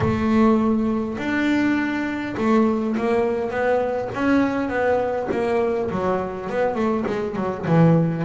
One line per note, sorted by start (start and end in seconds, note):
0.00 1.17 A3
1.17 2.35 D4
2.37 2.96 A3
2.97 3.50 A#3
3.50 4.09 B3
4.14 4.69 C#4
4.69 5.28 B3
5.31 5.90 A#3
5.90 6.49 F#3
6.49 6.75 B3
6.75 7.04 A3
7.06 7.36 G#3
7.36 7.65 F#3
7.66 8.24 E3